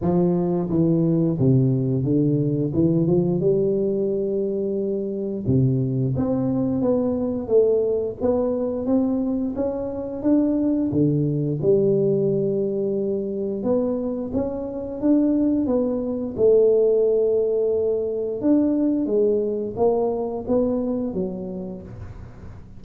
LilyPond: \new Staff \with { instrumentName = "tuba" } { \time 4/4 \tempo 4 = 88 f4 e4 c4 d4 | e8 f8 g2. | c4 c'4 b4 a4 | b4 c'4 cis'4 d'4 |
d4 g2. | b4 cis'4 d'4 b4 | a2. d'4 | gis4 ais4 b4 fis4 | }